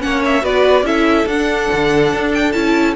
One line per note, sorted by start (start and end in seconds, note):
0.00 0.43 A#3
0.00 0.42 C#4
0.00 0.43 C#5
0.00 0.23 F#5
0.25 0.45 E5
0.42 0.82 B3
0.42 0.83 F#4
0.42 0.85 B4
0.42 0.86 D5
0.82 1.24 C#4
0.82 1.27 E4
0.82 2.96 A4
0.82 1.28 E5
1.26 1.68 D4
1.26 2.53 D4
1.26 2.33 F#5
1.73 2.13 D3
2.13 2.55 D4
2.34 2.52 G5
2.52 2.96 C#4
2.52 2.95 E4
2.52 2.94 A5